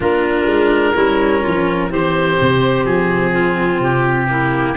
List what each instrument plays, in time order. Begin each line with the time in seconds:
0.00 tuba A#3, cello D4, clarinet F4, oboe A#4
0.46 tuba G#3
0.94 tuba G3, cello C#4, clarinet E4
1.41 tuba F3, clarinet F4
1.90 tuba E3, cello C4, clarinet G4, oboe C5
2.40 tuba C3
2.85 tuba F3, oboe G#4
3.32 clarinet F4
3.79 tuba C3, oboe G4
4.27 cello A#3, clarinet E4